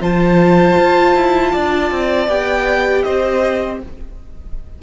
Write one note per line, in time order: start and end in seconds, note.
0.00 0.76 F3
0.00 2.28 F4
0.00 1.52 C5
0.00 2.28 A5
0.77 1.15 F4
1.15 1.53 E4
1.52 1.91 D4
1.52 3.03 D5
1.91 2.27 C4
2.27 3.03 B3
2.27 3.81 G4
2.27 3.03 G5
3.03 3.82 C4
3.03 3.80 C5
3.03 3.79 D#5